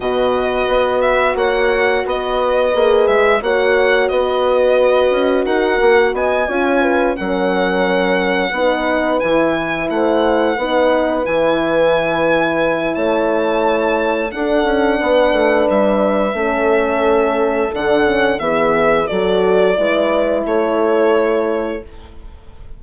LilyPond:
<<
  \new Staff \with { instrumentName = "violin" } { \time 4/4 \tempo 4 = 88 dis''4. e''8 fis''4 dis''4~ | dis''8 e''8 fis''4 dis''2 | fis''4 gis''4. fis''4.~ | fis''4. gis''4 fis''4.~ |
fis''8 gis''2~ gis''8 a''4~ | a''4 fis''2 e''4~ | e''2 fis''4 e''4 | d''2 cis''2 | }
  \new Staff \with { instrumentName = "horn" } { \time 4/4 b'2 cis''4 b'4~ | b'4 cis''4 b'2 | ais'4 dis''8 cis''8 b'8 ais'4.~ | ais'8 b'2 c''4 b'8~ |
b'2. cis''4~ | cis''4 a'4 b'2 | a'2. gis'4 | a'4 b'4 a'2 | }
  \new Staff \with { instrumentName = "horn" } { \time 4/4 fis'1 | gis'4 fis'2.~ | fis'4. f'4 cis'4.~ | cis'8 dis'4 e'2 dis'8~ |
dis'8 e'2.~ e'8~ | e'4 d'2. | cis'2 d'8 cis'8 b4 | fis'4 e'2. | }
  \new Staff \with { instrumentName = "bassoon" } { \time 4/4 b,4 b4 ais4 b4 | ais8 gis8 ais4 b4. cis'8 | dis'8 ais8 b8 cis'4 fis4.~ | fis8 b4 e4 a4 b8~ |
b8 e2~ e8 a4~ | a4 d'8 cis'8 b8 a8 g4 | a2 d4 e4 | fis4 gis4 a2 | }
>>